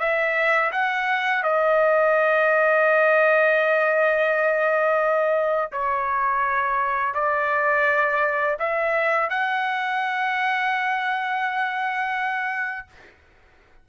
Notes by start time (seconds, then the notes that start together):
0.00 E5
0.72 F#5
1.44 D#5
5.72 C#5
7.15 D5
8.60 E5
9.30 F#5